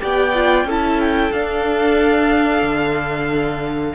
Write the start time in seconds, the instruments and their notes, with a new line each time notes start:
0.00 cello B3, viola G4, violin D5 G5
0.35 viola F4
0.64 cello C#4, viola E4, violin A4
0.71 violin A5
1.00 violin G5
1.32 cello D4, viola D4, violin F5
2.62 cello D3